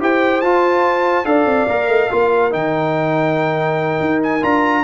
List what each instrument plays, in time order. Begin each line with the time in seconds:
0.00 tuba E4, trombone G4, horn C5, trumpet G5
0.41 tuba F4, trombone F4, trumpet A5
1.25 tuba D4, trombone A4, horn D5, trumpet F5
1.45 tuba C4
1.67 tuba A#3, trombone A#4
1.88 tuba A3, horn D#5
2.11 tuba A#3, trombone F4, horn A#4
2.51 tuba D#3, trombone D#4, trumpet G5
4.01 tuba D#4
4.23 trumpet G#5
4.42 tuba D4, trombone F4, trumpet A#5